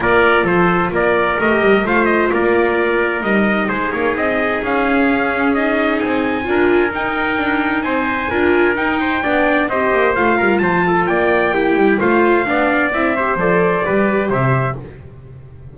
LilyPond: <<
  \new Staff \with { instrumentName = "trumpet" } { \time 4/4 \tempo 4 = 130 d''4 c''4 d''4 dis''4 | f''8 dis''8 d''2 dis''4 | c''8 cis''8 dis''4 f''2 | dis''4 gis''2 g''4~ |
g''4 gis''2 g''4~ | g''4 dis''4 f''4 a''4 | g''2 f''2 | e''4 d''2 e''4 | }
  \new Staff \with { instrumentName = "trumpet" } { \time 4/4 ais'4 a'4 ais'2 | c''4 ais'2. | gis'1~ | gis'2 ais'2~ |
ais'4 c''4 ais'4. c''8 | d''4 c''4. ais'8 c''8 a'8 | d''4 g'4 c''4 d''4~ | d''8 c''4. b'4 c''4 | }
  \new Staff \with { instrumentName = "viola" } { \time 4/4 f'2. g'4 | f'2. dis'4~ | dis'2. cis'4 | dis'2 f'4 dis'4~ |
dis'2 f'4 dis'4 | d'4 g'4 f'2~ | f'4 e'4 f'4 d'4 | e'8 g'8 a'4 g'2 | }
  \new Staff \with { instrumentName = "double bass" } { \time 4/4 ais4 f4 ais4 a8 g8 | a4 ais2 g4 | gis8 ais8 c'4 cis'2~ | cis'4 c'4 d'4 dis'4 |
d'4 c'4 d'4 dis'4 | b4 c'8 ais8 a8 g8 f4 | ais4. g8 a4 b4 | c'4 f4 g4 c4 | }
>>